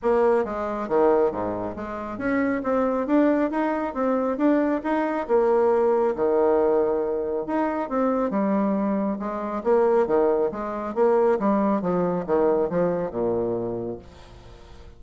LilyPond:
\new Staff \with { instrumentName = "bassoon" } { \time 4/4 \tempo 4 = 137 ais4 gis4 dis4 gis,4 | gis4 cis'4 c'4 d'4 | dis'4 c'4 d'4 dis'4 | ais2 dis2~ |
dis4 dis'4 c'4 g4~ | g4 gis4 ais4 dis4 | gis4 ais4 g4 f4 | dis4 f4 ais,2 | }